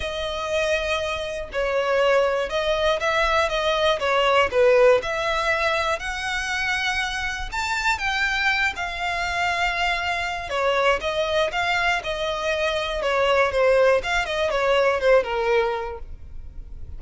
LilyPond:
\new Staff \with { instrumentName = "violin" } { \time 4/4 \tempo 4 = 120 dis''2. cis''4~ | cis''4 dis''4 e''4 dis''4 | cis''4 b'4 e''2 | fis''2. a''4 |
g''4. f''2~ f''8~ | f''4 cis''4 dis''4 f''4 | dis''2 cis''4 c''4 | f''8 dis''8 cis''4 c''8 ais'4. | }